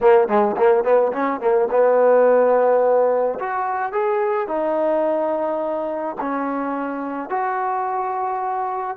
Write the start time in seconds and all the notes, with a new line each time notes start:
0.00 A#3
0.28 G#3
0.57 A#3
0.84 B3
1.12 C#4
1.40 A#3
1.70 B3
3.39 F#4
3.92 G#4
4.47 D#4
6.20 C#4
7.29 F#4